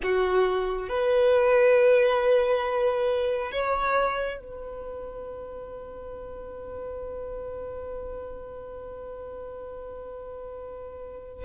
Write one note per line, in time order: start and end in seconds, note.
0.02 0.88 F#4
0.88 3.51 B4
3.51 4.39 C#5
4.39 11.45 B4